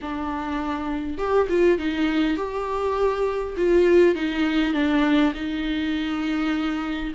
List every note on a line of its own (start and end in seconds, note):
0.01 1.17 D4
1.17 1.47 G4
1.49 1.78 F4
1.78 2.37 D#4
2.37 3.55 G4
3.56 4.15 F4
4.15 4.73 D#4
4.73 5.33 D4
5.34 7.12 D#4